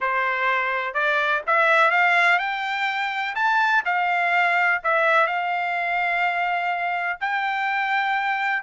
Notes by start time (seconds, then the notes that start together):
0.00 C5
0.94 D5
1.46 E5
1.90 F5
2.39 G5
3.35 A5
3.85 F5
4.83 E5
5.27 F5
7.20 G5